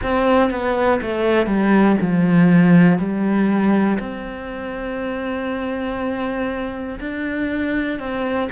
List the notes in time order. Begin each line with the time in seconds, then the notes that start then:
0.03 C4
0.50 B3
1.01 A3
1.46 G3
2.01 F3
2.98 G3
3.99 C4
7.00 D4
7.99 C4